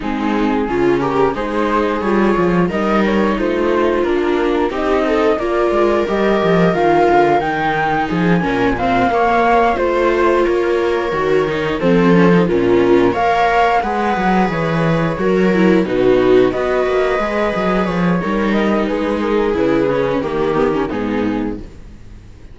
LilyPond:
<<
  \new Staff \with { instrumentName = "flute" } { \time 4/4 \tempo 4 = 89 gis'4. ais'8 c''4 cis''4 | dis''8 cis''8 c''4 ais'4 dis''4 | d''4 dis''4 f''4 g''4 | gis''4 f''4. c''4 cis''8~ |
cis''4. c''4 ais'4 f''8~ | f''8 fis''4 cis''2 b'8~ | b'8 dis''2 cis''4 dis''8 | b'8 ais'8 b'4 ais'4 gis'4 | }
  \new Staff \with { instrumentName = "viola" } { \time 4/4 dis'4 f'8 g'8 gis'2 | ais'4 f'2 g'8 a'8 | ais'1 | gis'8 ais'8 c''8 cis''4 c''4 ais'8~ |
ais'4. a'4 f'4 cis''8~ | cis''8 b'2 ais'4 fis'8~ | fis'8 b'2~ b'8 ais'4 | gis'2 g'4 dis'4 | }
  \new Staff \with { instrumentName = "viola" } { \time 4/4 c'4 cis'4 dis'4 f'4 | dis'2 d'4 dis'4 | f'4 g'4 f'4 dis'4~ | dis'8 cis'8 c'8 ais4 f'4.~ |
f'8 fis'8 dis'8 c'8 cis'16 dis'16 cis'4 ais'8~ | ais'8 gis'2 fis'8 e'8 dis'8~ | dis'8 fis'4 gis'4. dis'4~ | dis'4 e'8 cis'8 ais8 b16 cis'16 b4 | }
  \new Staff \with { instrumentName = "cello" } { \time 4/4 gis4 cis4 gis4 g8 f8 | g4 a4 ais4 c'4 | ais8 gis8 g8 f8 dis8 d8 dis4 | f8 ais,4 ais4 a4 ais8~ |
ais8 dis4 f4 ais,4 ais8~ | ais8 gis8 fis8 e4 fis4 b,8~ | b,8 b8 ais8 gis8 fis8 f8 g4 | gis4 cis4 dis4 gis,4 | }
>>